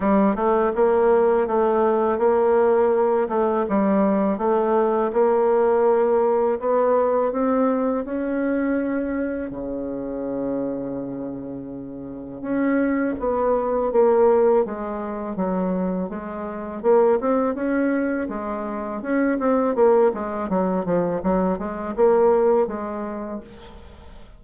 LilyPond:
\new Staff \with { instrumentName = "bassoon" } { \time 4/4 \tempo 4 = 82 g8 a8 ais4 a4 ais4~ | ais8 a8 g4 a4 ais4~ | ais4 b4 c'4 cis'4~ | cis'4 cis2.~ |
cis4 cis'4 b4 ais4 | gis4 fis4 gis4 ais8 c'8 | cis'4 gis4 cis'8 c'8 ais8 gis8 | fis8 f8 fis8 gis8 ais4 gis4 | }